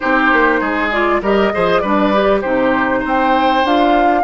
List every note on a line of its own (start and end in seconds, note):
0.00 0.33 C4
0.00 0.91 D#4
0.00 0.60 G4
0.00 0.90 C5
0.33 0.60 A#3
0.60 1.21 G#3
0.60 1.21 G#4
0.91 1.22 F4
0.91 1.21 D5
1.21 1.51 G3
1.21 1.52 G4
1.21 1.52 A#4
1.21 1.78 D#5
1.52 1.82 F3
1.52 1.83 G#4
1.52 1.81 C5
1.78 2.43 G3
1.78 2.13 D4
1.78 2.41 B4
1.78 2.39 D5
2.13 2.43 G4
2.41 3.04 C3
2.41 3.65 D#4
2.41 2.99 G4
2.41 3.02 C5
2.99 3.64 C4
2.99 4.21 C5
3.07 3.66 G5
3.64 4.24 D4
3.64 4.24 F4
3.64 4.24 F5